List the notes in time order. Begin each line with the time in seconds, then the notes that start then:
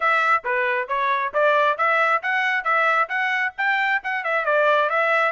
0.00 E5
0.44 B4
0.87 C#5
1.33 D5
1.77 E5
2.22 F#5
2.63 E5
3.08 F#5
3.57 G5
4.03 F#5
4.24 E5
4.45 D5
4.89 E5